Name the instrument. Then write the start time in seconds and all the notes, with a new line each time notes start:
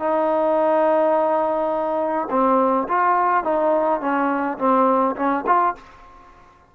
trombone
0.00 D#4
2.31 C4
2.89 F4
3.44 D#4
4.01 C#4
4.58 C4
5.16 C#4
5.47 F4